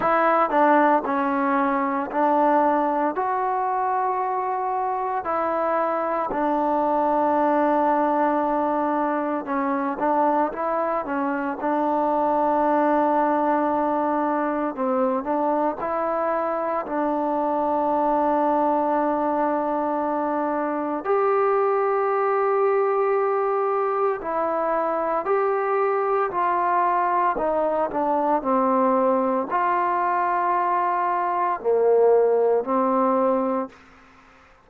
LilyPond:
\new Staff \with { instrumentName = "trombone" } { \time 4/4 \tempo 4 = 57 e'8 d'8 cis'4 d'4 fis'4~ | fis'4 e'4 d'2~ | d'4 cis'8 d'8 e'8 cis'8 d'4~ | d'2 c'8 d'8 e'4 |
d'1 | g'2. e'4 | g'4 f'4 dis'8 d'8 c'4 | f'2 ais4 c'4 | }